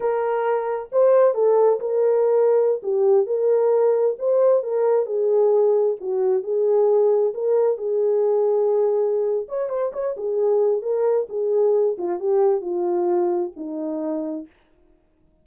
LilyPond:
\new Staff \with { instrumentName = "horn" } { \time 4/4 \tempo 4 = 133 ais'2 c''4 a'4 | ais'2~ ais'16 g'4 ais'8.~ | ais'4~ ais'16 c''4 ais'4 gis'8.~ | gis'4~ gis'16 fis'4 gis'4.~ gis'16~ |
gis'16 ais'4 gis'2~ gis'8.~ | gis'4 cis''8 c''8 cis''8 gis'4. | ais'4 gis'4. f'8 g'4 | f'2 dis'2 | }